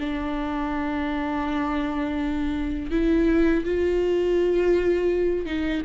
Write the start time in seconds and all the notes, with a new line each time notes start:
0.00 D4
2.92 E4
3.65 F4
5.46 D#4